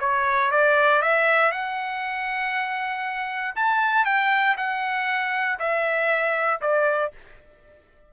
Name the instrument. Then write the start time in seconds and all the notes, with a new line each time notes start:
trumpet
0.00 C#5
0.51 D5
1.02 E5
1.51 F#5
3.56 A5
4.05 G5
4.57 F#5
5.59 E5
6.61 D5